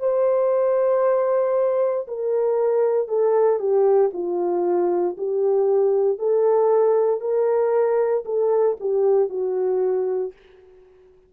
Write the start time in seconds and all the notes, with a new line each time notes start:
0.00 C5
2.08 A#4
3.08 A4
3.60 G4
4.13 F4
5.18 G4
6.19 A4
7.21 A#4
8.26 A4
8.80 G4
9.30 F#4